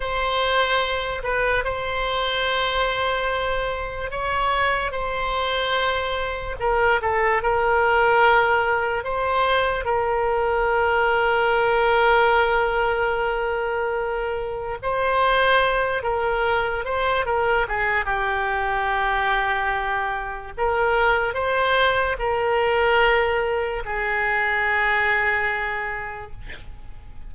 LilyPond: \new Staff \with { instrumentName = "oboe" } { \time 4/4 \tempo 4 = 73 c''4. b'8 c''2~ | c''4 cis''4 c''2 | ais'8 a'8 ais'2 c''4 | ais'1~ |
ais'2 c''4. ais'8~ | ais'8 c''8 ais'8 gis'8 g'2~ | g'4 ais'4 c''4 ais'4~ | ais'4 gis'2. | }